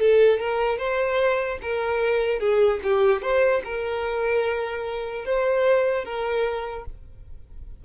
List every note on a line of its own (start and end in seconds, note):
0.00 0.40 A4
0.40 0.78 A#4
0.78 1.59 C5
1.62 2.40 A#4
2.40 2.80 G#4
2.84 3.22 G4
3.22 3.62 C5
3.65 5.26 A#4
5.26 6.05 C5
6.05 6.85 A#4